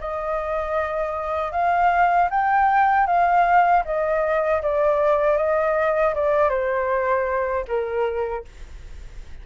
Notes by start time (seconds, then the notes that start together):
0.00 D#5
1.52 F5
2.30 G5
3.06 F5
3.85 D#5
4.62 D5
5.37 D#5
6.14 D5
6.49 C5
7.68 A#4